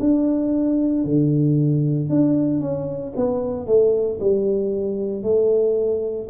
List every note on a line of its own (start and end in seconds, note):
0.00 1.04 D4
1.04 2.09 D3
2.09 2.61 D4
2.61 3.13 C#4
3.16 3.67 B3
3.67 4.19 A3
4.20 5.23 G3
5.23 6.28 A3